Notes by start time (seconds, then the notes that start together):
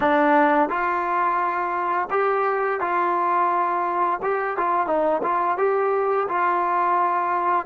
0.00 D4
0.69 F4
2.10 G4
2.80 F4
4.22 G4
4.57 F4
4.86 D#4
5.22 F4
5.57 G4
6.28 F4